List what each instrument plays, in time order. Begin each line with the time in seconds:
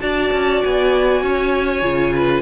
0.00 cello D4, viola F#4, violin D5 A5
0.32 cello C#4
0.63 cello B3, violin G#5
1.22 cello C#4, violin C#5
1.82 cello C#3, viola F4
2.15 violin B4